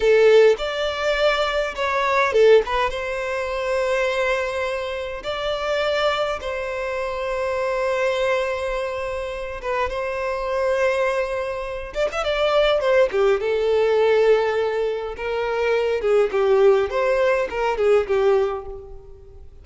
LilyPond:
\new Staff \with { instrumentName = "violin" } { \time 4/4 \tempo 4 = 103 a'4 d''2 cis''4 | a'8 b'8 c''2.~ | c''4 d''2 c''4~ | c''1~ |
c''8 b'8 c''2.~ | c''8 d''16 e''16 d''4 c''8 g'8 a'4~ | a'2 ais'4. gis'8 | g'4 c''4 ais'8 gis'8 g'4 | }